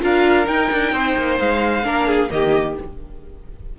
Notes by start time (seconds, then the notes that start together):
0.00 D4 F4 A#4 F5
0.45 D#4 G5
0.72 D4
0.92 C4 C5
1.17 A#3
1.39 G#3 F5
1.83 A#3 D4 A#4
2.07 G#4
2.30 D#3 A#3 G4 D#5